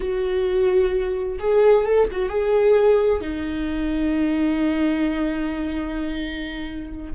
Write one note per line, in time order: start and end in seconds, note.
0.00 1.38 F#4
1.39 1.85 G#4
1.85 2.08 A4
2.11 2.29 F#4
2.29 3.20 G#4
3.20 7.13 D#4